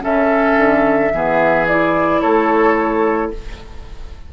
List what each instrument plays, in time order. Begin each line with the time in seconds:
0.00 bassoon C#3, clarinet C#4, oboe A4, flute E5
0.57 bassoon D3
1.13 bassoon E3, clarinet B3, oboe G#4
1.67 clarinet E4, flute D5
2.21 bassoon A3, oboe A4, flute C#5